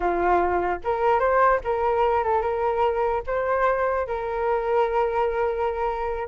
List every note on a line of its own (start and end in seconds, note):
0.00 0.79 F4
0.84 1.19 A#4
1.19 1.60 C5
1.64 2.23 A#4
2.23 2.41 A4
2.41 3.22 A#4
3.26 4.07 C5
4.07 6.28 A#4